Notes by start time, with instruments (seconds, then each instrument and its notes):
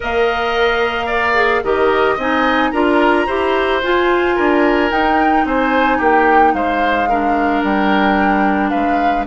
0.00 bassoon A#3, clarinet A#4, oboe D#5, flute F5
1.06 oboe D5
1.34 clarinet G#4
1.63 bassoon D#3, clarinet G4, oboe A#4, flute D#5
2.15 bassoon C4, clarinet D#4, oboe D#5, flute G#5
2.70 bassoon D4, clarinet F4, oboe A#4, flute A#5
3.26 bassoon E4, clarinet G4, oboe C5
3.82 clarinet F4, bassoon F4, flute G#5
4.35 bassoon D4, oboe A#4
4.90 clarinet D#4, bassoon D#4, flute G5
5.45 bassoon C4, oboe C5, flute G#5
5.97 bassoon A#3, oboe G4, flute G5
6.53 bassoon G#3, oboe C5, flute F5
7.09 clarinet D4, oboe A#4
7.62 bassoon G3, flute G5
8.69 bassoon G#3, oboe B4, flute F5